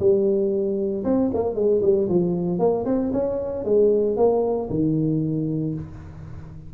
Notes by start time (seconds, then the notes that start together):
0.00 G3
1.05 C4
1.34 A#3
1.56 G#3
1.83 G3
2.09 F3
2.59 A#3
2.86 C4
3.13 C#4
3.65 G#3
4.17 A#3
4.70 D#3